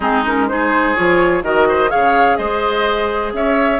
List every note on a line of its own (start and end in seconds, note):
0.00 0.95 G#3
0.00 0.25 C4
0.00 0.46 D#4
0.00 0.24 G#4
0.25 0.48 C#4
0.25 0.48 A#4
0.48 0.95 D#4
0.48 1.44 G#4
0.48 0.95 C5
0.95 1.42 F3
0.95 1.43 F4
0.95 1.43 C#5
1.42 1.90 D#3
1.42 1.89 F#4
1.42 1.67 A#4
1.42 1.90 D#5
1.68 1.90 C5
1.89 2.38 C#3
1.89 3.79 G#4
1.89 2.37 C#5
1.89 2.37 F5
2.37 3.33 G#3
2.37 3.33 C5
2.37 3.32 D#5
3.33 3.80 C#4
3.33 3.80 C#5
3.33 3.80 E5